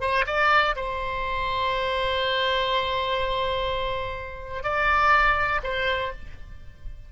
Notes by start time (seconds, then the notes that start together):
0.00 C5
0.26 D5
0.75 C5
4.63 D5
5.63 C5